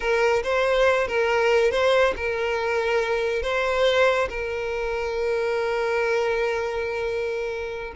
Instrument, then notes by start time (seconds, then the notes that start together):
violin
0.00 A#4
0.43 C5
1.07 A#4
1.71 C5
2.16 A#4
3.42 C5
4.29 A#4